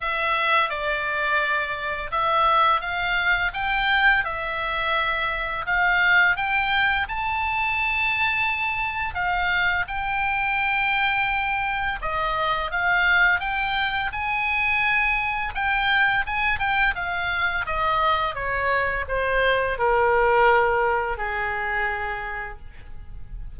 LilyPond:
\new Staff \with { instrumentName = "oboe" } { \time 4/4 \tempo 4 = 85 e''4 d''2 e''4 | f''4 g''4 e''2 | f''4 g''4 a''2~ | a''4 f''4 g''2~ |
g''4 dis''4 f''4 g''4 | gis''2 g''4 gis''8 g''8 | f''4 dis''4 cis''4 c''4 | ais'2 gis'2 | }